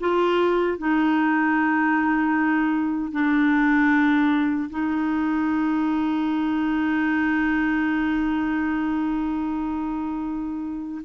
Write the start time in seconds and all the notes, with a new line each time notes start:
0.00 F4
0.78 D#4
3.12 D4
4.70 D#4